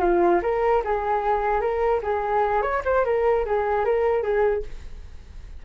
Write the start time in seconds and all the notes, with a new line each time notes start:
0.00 F4
0.42 A#4
0.84 G#4
1.60 A#4
2.02 G#4
2.62 C#5
2.84 C5
3.04 A#4
3.45 G#4
3.84 A#4
4.22 G#4